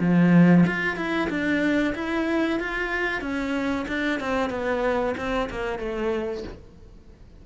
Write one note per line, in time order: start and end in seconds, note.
0.00 0.65 F3
0.66 0.96 F4
0.96 1.29 E4
1.29 1.94 D4
1.95 2.60 E4
2.60 3.21 F4
3.21 3.86 C#4
3.88 4.20 D4
4.20 4.50 C4
4.50 5.15 B3
5.17 5.49 C4
5.50 5.79 A#3
5.79 6.43 A3